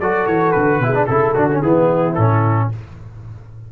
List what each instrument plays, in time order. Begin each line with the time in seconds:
0.00 tuba F#3, trombone F#4, horn A4, trumpet D5
0.27 tuba E3, trumpet C#5
0.52 tuba D3, trumpet B4
0.80 tuba B2, trombone E4
0.86 horn G#4
0.95 trombone D4
1.07 tuba C#3, trombone E4, trumpet A4, horn A4
1.34 tuba D3, trombone D4, trumpet F#4
1.51 trombone C#4
1.62 tuba E3, trombone B3, horn E4, trumpet G#4
2.15 tuba A2, trombone C#4, trumpet A4